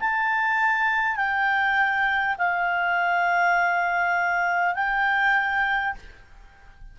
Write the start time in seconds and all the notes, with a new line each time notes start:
0.00 A5
1.16 G5
2.38 F5
4.75 G5